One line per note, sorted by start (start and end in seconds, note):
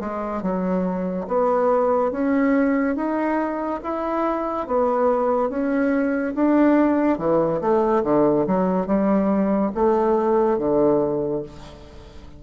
0.00 0.42 G#3
0.42 1.27 F#3
1.28 2.12 B3
2.12 2.96 C#4
2.96 3.80 D#4
3.83 4.67 E4
4.67 5.49 B3
5.49 6.34 C#4
6.35 7.18 D4
7.18 7.61 E3
7.61 8.03 A3
8.04 8.46 D3
8.47 8.87 F#3
8.87 9.71 G3
9.75 10.58 A3
10.58 11.43 D3